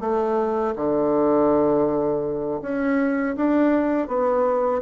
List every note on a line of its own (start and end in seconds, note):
0.00 0.74 A3
0.76 2.61 D3
2.61 3.35 C#4
3.36 4.07 D4
4.07 4.81 B3